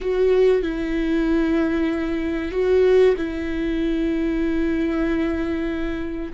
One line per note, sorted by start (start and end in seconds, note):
0.01 0.62 F#4
0.62 2.51 E4
2.51 3.14 F#4
3.17 6.32 E4